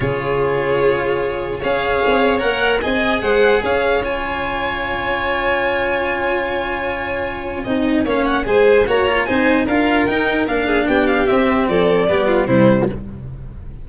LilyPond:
<<
  \new Staff \with { instrumentName = "violin" } { \time 4/4 \tempo 4 = 149 cis''1 | f''2 fis''4 gis''4 | fis''4 f''4 gis''2~ | gis''1~ |
gis''1 | f''8 fis''8 gis''4 ais''4 gis''4 | f''4 g''4 f''4 g''8 f''8 | e''4 d''2 c''4 | }
  \new Staff \with { instrumentName = "violin" } { \time 4/4 gis'1 | cis''2. dis''4 | c''4 cis''2.~ | cis''1~ |
cis''2. dis''4 | cis''4 c''4 cis''4 c''4 | ais'2~ ais'8 gis'8 g'4~ | g'4 a'4 g'8 f'8 e'4 | }
  \new Staff \with { instrumentName = "cello" } { \time 4/4 f'1 | gis'2 ais'4 gis'4~ | gis'2 f'2~ | f'1~ |
f'2. dis'4 | cis'4 gis'4 fis'8 f'8 dis'4 | f'4 dis'4 d'2 | c'2 b4 g4 | }
  \new Staff \with { instrumentName = "tuba" } { \time 4/4 cis1 | cis'4 c'4 ais4 c'4 | gis4 cis'2.~ | cis'1~ |
cis'2. c'4 | ais4 gis4 ais4 c'4 | d'4 dis'4 ais4 b4 | c'4 f4 g4 c4 | }
>>